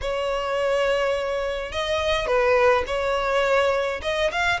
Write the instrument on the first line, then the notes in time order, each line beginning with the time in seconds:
violin
0.01 C#5
1.72 D#5
2.26 B4
2.86 C#5
4.02 D#5
4.31 F5